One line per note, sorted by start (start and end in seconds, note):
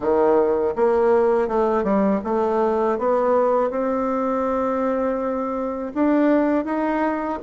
0.00 0.74 D#3
0.75 1.48 A#3
1.48 1.83 A3
1.83 2.20 G3
2.24 2.98 A3
2.98 3.70 B3
3.70 5.92 C4
5.94 6.64 D4
6.64 7.38 D#4